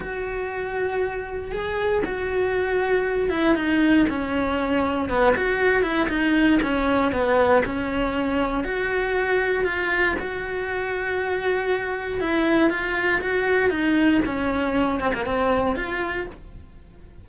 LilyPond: \new Staff \with { instrumentName = "cello" } { \time 4/4 \tempo 4 = 118 fis'2. gis'4 | fis'2~ fis'8 e'8 dis'4 | cis'2 b8 fis'4 e'8 | dis'4 cis'4 b4 cis'4~ |
cis'4 fis'2 f'4 | fis'1 | e'4 f'4 fis'4 dis'4 | cis'4. c'16 ais16 c'4 f'4 | }